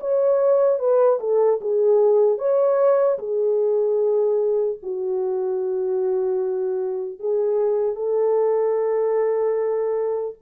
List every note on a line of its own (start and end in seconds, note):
0.00 0.79 C#5
0.79 1.19 B4
1.20 1.60 A4
1.61 2.38 G#4
2.38 3.18 C#5
3.19 4.79 G#4
4.83 7.19 F#4
7.19 7.95 G#4
7.95 10.35 A4